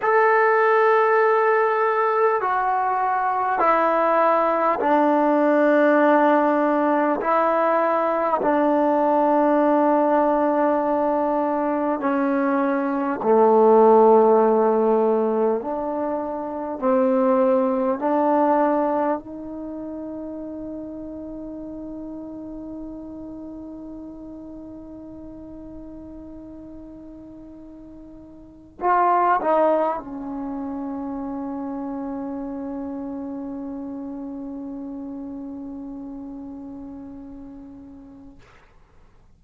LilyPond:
\new Staff \with { instrumentName = "trombone" } { \time 4/4 \tempo 4 = 50 a'2 fis'4 e'4 | d'2 e'4 d'4~ | d'2 cis'4 a4~ | a4 d'4 c'4 d'4 |
dis'1~ | dis'1 | f'8 dis'8 cis'2.~ | cis'1 | }